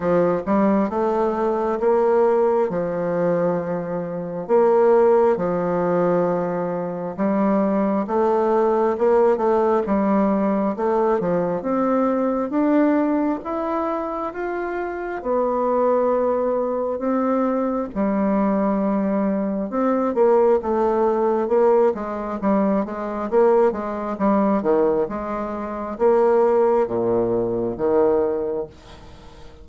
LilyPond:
\new Staff \with { instrumentName = "bassoon" } { \time 4/4 \tempo 4 = 67 f8 g8 a4 ais4 f4~ | f4 ais4 f2 | g4 a4 ais8 a8 g4 | a8 f8 c'4 d'4 e'4 |
f'4 b2 c'4 | g2 c'8 ais8 a4 | ais8 gis8 g8 gis8 ais8 gis8 g8 dis8 | gis4 ais4 ais,4 dis4 | }